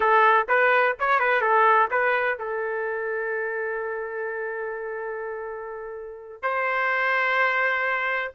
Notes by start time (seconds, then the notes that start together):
0.00 A4
0.48 B4
0.99 C#5
1.19 B4
1.41 A4
1.90 B4
2.38 A4
6.42 C5